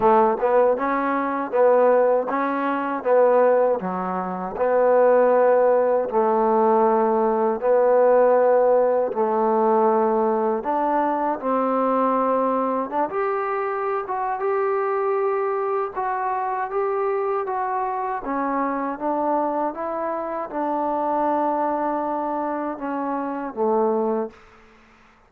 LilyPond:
\new Staff \with { instrumentName = "trombone" } { \time 4/4 \tempo 4 = 79 a8 b8 cis'4 b4 cis'4 | b4 fis4 b2 | a2 b2 | a2 d'4 c'4~ |
c'4 d'16 g'4~ g'16 fis'8 g'4~ | g'4 fis'4 g'4 fis'4 | cis'4 d'4 e'4 d'4~ | d'2 cis'4 a4 | }